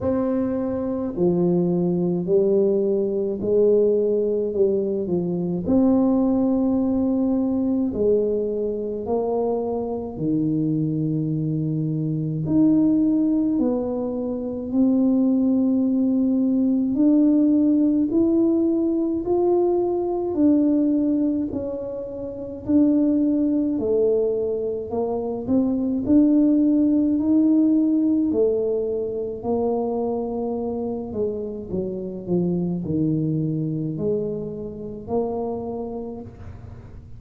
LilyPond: \new Staff \with { instrumentName = "tuba" } { \time 4/4 \tempo 4 = 53 c'4 f4 g4 gis4 | g8 f8 c'2 gis4 | ais4 dis2 dis'4 | b4 c'2 d'4 |
e'4 f'4 d'4 cis'4 | d'4 a4 ais8 c'8 d'4 | dis'4 a4 ais4. gis8 | fis8 f8 dis4 gis4 ais4 | }